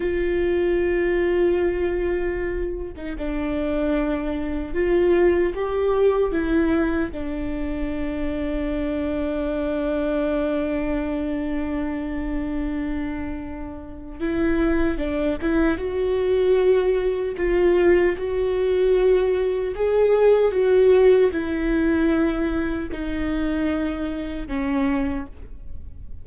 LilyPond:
\new Staff \with { instrumentName = "viola" } { \time 4/4 \tempo 4 = 76 f'2.~ f'8. dis'16 | d'2 f'4 g'4 | e'4 d'2.~ | d'1~ |
d'2 e'4 d'8 e'8 | fis'2 f'4 fis'4~ | fis'4 gis'4 fis'4 e'4~ | e'4 dis'2 cis'4 | }